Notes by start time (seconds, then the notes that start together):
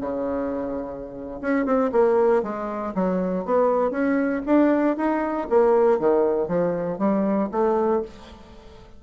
0.00 C#3
1.41 C#4
1.65 C4
1.92 A#3
2.42 G#3
2.94 F#3
3.45 B3
3.90 C#4
4.45 D4
4.96 D#4
5.49 A#3
5.99 D#3
6.47 F3
6.98 G3
7.51 A3